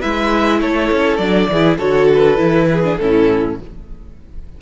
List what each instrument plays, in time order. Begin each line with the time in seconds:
0.00 cello G#3, viola E4, violin B4 E5
0.61 cello A3, violin A4 C#5
0.92 cello C#4
1.18 cello F#3, viola D4, violin D5
1.49 cello E3, violin G#4
1.55 viola E4
1.78 cello D3, viola F#4, violin A4 C#5
2.14 violin B4
2.37 cello E3, viola E4
2.72 violin G#4
2.85 viola D4
2.97 cello A2, viola C#4, violin E4 A4